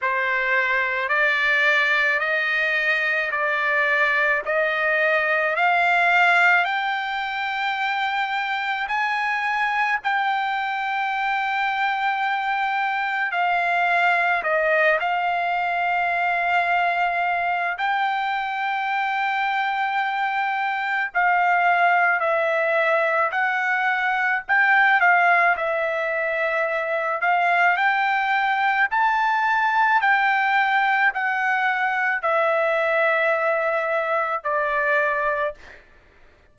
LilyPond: \new Staff \with { instrumentName = "trumpet" } { \time 4/4 \tempo 4 = 54 c''4 d''4 dis''4 d''4 | dis''4 f''4 g''2 | gis''4 g''2. | f''4 dis''8 f''2~ f''8 |
g''2. f''4 | e''4 fis''4 g''8 f''8 e''4~ | e''8 f''8 g''4 a''4 g''4 | fis''4 e''2 d''4 | }